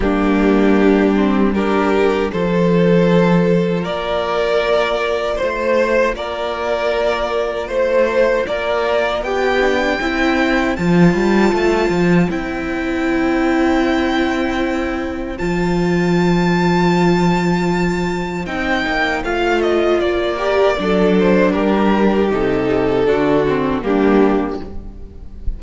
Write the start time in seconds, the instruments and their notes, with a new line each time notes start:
0.00 cello G3, viola A#3, violin D4 G4
1.15 viola C4
1.54 viola D4, violin G4 A#4
2.32 cello F3, viola F4, violin A4 C5
3.80 cello A#3, violin A#4 D5
5.35 violin C5
5.42 cello A3
6.14 cello A#3, violin A#4 D5
7.67 cello A3, violin C5
8.46 cello A#3, violin A#4 D5
9.21 cello B3, violin G4 G5
9.60 viola D4
10.00 cello C4, viola E4, violin C5
10.75 cello F3, viola F4, violin A5
11.13 cello G3
11.52 cello A3
11.89 cello F3
12.29 cello C4, viola E4, violin G5
15.37 cello F3, viola F4, violin A5
18.46 cello C4, viola D#4, violin G5
18.87 cello A#3
19.23 cello A3, viola F4, violin F5
19.61 violin D#5
19.99 cello A#3, violin D5
20.37 viola G4, violin A#4
20.77 cello F#3, viola D4, violin A4
21.19 violin C5
21.52 cello G3, violin G4 A#4
22.30 cello C3, viola D#4, violin A4
23.05 cello D3, viola D4, violin F#4
23.47 viola C4
23.82 cello G3, viola A#3, violin D4 G4